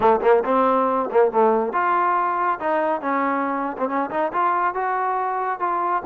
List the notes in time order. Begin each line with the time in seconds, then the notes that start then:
0.00 A3
0.22 A#3
0.45 C4
1.11 A#3
1.31 A3
1.73 F4
2.59 D#4
3.01 C#4
3.77 C4
3.88 C#4
4.10 D#4
4.32 F4
4.74 F#4
5.59 F4